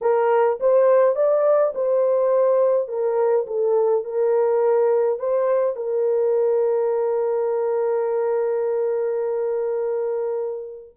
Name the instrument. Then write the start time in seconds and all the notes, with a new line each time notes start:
horn
0.01 A#4
0.60 C5
1.15 D5
1.75 C5
2.88 A#4
3.46 A4
4.04 A#4
5.19 C5
5.76 A#4